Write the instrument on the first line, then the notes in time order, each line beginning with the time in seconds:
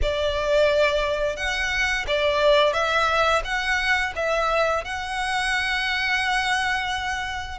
violin
0.02 D5
1.36 F#5
2.07 D5
2.73 E5
3.44 F#5
4.15 E5
4.84 F#5